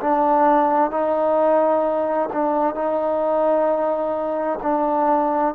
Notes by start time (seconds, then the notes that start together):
0.00 D4
0.90 D#4
2.32 D4
2.74 D#4
4.62 D4